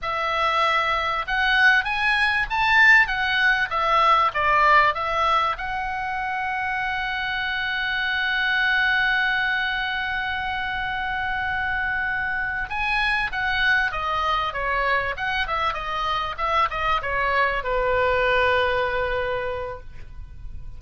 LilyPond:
\new Staff \with { instrumentName = "oboe" } { \time 4/4 \tempo 4 = 97 e''2 fis''4 gis''4 | a''4 fis''4 e''4 d''4 | e''4 fis''2.~ | fis''1~ |
fis''1~ | fis''8 gis''4 fis''4 dis''4 cis''8~ | cis''8 fis''8 e''8 dis''4 e''8 dis''8 cis''8~ | cis''8 b'2.~ b'8 | }